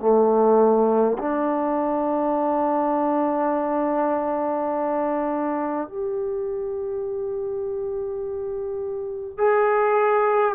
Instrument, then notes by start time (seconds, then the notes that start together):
trombone
0.00 A3
1.19 D4
5.88 G4
9.38 G#4